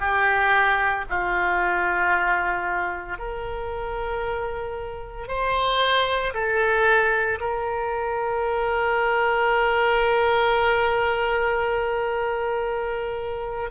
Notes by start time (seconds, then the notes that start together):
0.00 G4
1.10 F4
3.19 A#4
5.28 C5
6.34 A4
7.41 A#4